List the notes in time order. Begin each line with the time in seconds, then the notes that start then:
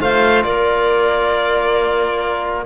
0.00 A3 F4 C5 F5
0.44 A#3 A#4 D5